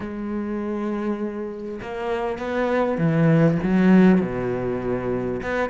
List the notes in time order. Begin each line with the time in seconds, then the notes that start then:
0.00 G#3
1.81 A#3
2.38 B3
2.98 E3
3.63 F#3
4.21 B2
5.42 B3